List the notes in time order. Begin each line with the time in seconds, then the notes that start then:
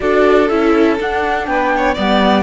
0.00 D4 F#4 A4 D5
0.48 C#4 E4 E5
0.99 D4 F#5
1.46 B3 B4 G5
1.76 C#5
1.94 G3 B3 D5 F#5